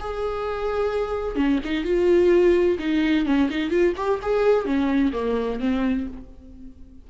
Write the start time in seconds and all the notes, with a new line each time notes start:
0.00 G#4
1.36 C#4
1.65 D#4
1.85 F4
2.79 D#4
3.26 C#4
3.50 D#4
3.70 F4
3.97 G4
4.23 G#4
4.66 C#4
5.13 A#3
5.60 C4